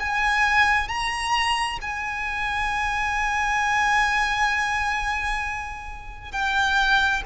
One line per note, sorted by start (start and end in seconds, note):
0.00 0.88 G#5
0.88 1.79 A#5
1.81 6.32 G#5
6.32 7.23 G5